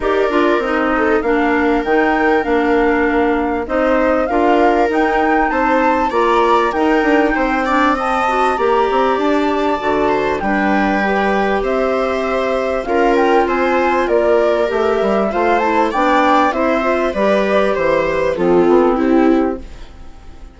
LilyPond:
<<
  \new Staff \with { instrumentName = "flute" } { \time 4/4 \tempo 4 = 98 d''4 dis''4 f''4 g''4 | f''2 dis''4 f''4 | g''4 a''4 ais''4 g''4~ | g''4 a''4 ais''4 a''4~ |
a''4 g''2 e''4~ | e''4 f''8 g''8 gis''4 d''4 | e''4 f''8 a''8 g''4 e''4 | d''4 c''8 b'8 a'4 g'4 | }
  \new Staff \with { instrumentName = "viola" } { \time 4/4 ais'4. a'8 ais'2~ | ais'2 c''4 ais'4~ | ais'4 c''4 d''4 ais'4 | c''8 d''8 dis''4 d''2~ |
d''8 c''8 b'2 c''4~ | c''4 ais'4 c''4 ais'4~ | ais'4 c''4 d''4 c''4 | b'4 c''4 f'4 e'4 | }
  \new Staff \with { instrumentName = "clarinet" } { \time 4/4 g'8 f'8 dis'4 d'4 dis'4 | d'2 dis'4 f'4 | dis'2 f'4 dis'4~ | dis'8 d'8 c'8 fis'8 g'2 |
fis'4 d'4 g'2~ | g'4 f'2. | g'4 f'8 e'8 d'4 e'8 f'8 | g'2 c'2 | }
  \new Staff \with { instrumentName = "bassoon" } { \time 4/4 dis'8 d'8 c'4 ais4 dis4 | ais2 c'4 d'4 | dis'4 c'4 ais4 dis'8 d'8 | c'2 ais8 c'8 d'4 |
d4 g2 c'4~ | c'4 cis'4 c'4 ais4 | a8 g8 a4 b4 c'4 | g4 e4 f8 b8 c'4 | }
>>